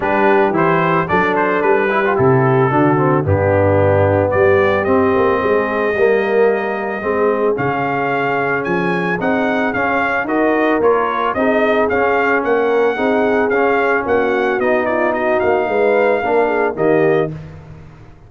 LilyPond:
<<
  \new Staff \with { instrumentName = "trumpet" } { \time 4/4 \tempo 4 = 111 b'4 c''4 d''8 c''8 b'4 | a'2 g'2 | d''4 dis''2.~ | dis''2 f''2 |
gis''4 fis''4 f''4 dis''4 | cis''4 dis''4 f''4 fis''4~ | fis''4 f''4 fis''4 dis''8 d''8 | dis''8 f''2~ f''8 dis''4 | }
  \new Staff \with { instrumentName = "horn" } { \time 4/4 g'2 a'4. g'8~ | g'4 fis'4 d'2 | g'2 gis'4 ais'4~ | ais'4 gis'2.~ |
gis'2. ais'4~ | ais'4 gis'2 ais'4 | gis'2 fis'4. f'8 | fis'4 b'4 ais'8 gis'8 g'4 | }
  \new Staff \with { instrumentName = "trombone" } { \time 4/4 d'4 e'4 d'4. e'16 f'16 | e'4 d'8 c'8 b2~ | b4 c'2 ais4~ | ais4 c'4 cis'2~ |
cis'4 dis'4 cis'4 fis'4 | f'4 dis'4 cis'2 | dis'4 cis'2 dis'4~ | dis'2 d'4 ais4 | }
  \new Staff \with { instrumentName = "tuba" } { \time 4/4 g4 e4 fis4 g4 | c4 d4 g,2 | g4 c'8 ais8 gis4 g4~ | g4 gis4 cis2 |
f4 c'4 cis'4 dis'4 | ais4 c'4 cis'4 ais4 | c'4 cis'4 ais4 b4~ | b8 ais8 gis4 ais4 dis4 | }
>>